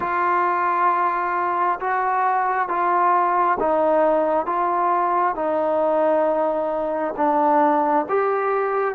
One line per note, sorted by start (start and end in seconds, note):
0.00 1.79 F4
1.80 2.68 F#4
2.68 3.58 F4
3.59 4.46 D#4
4.46 5.35 F4
5.35 7.14 D#4
7.16 8.06 D4
8.08 8.94 G4